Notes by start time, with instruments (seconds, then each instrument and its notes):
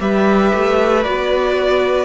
0.00 cello G3, viola G4, violin B4 E5
0.54 cello A3
1.03 cello B3, viola F#4, violin D5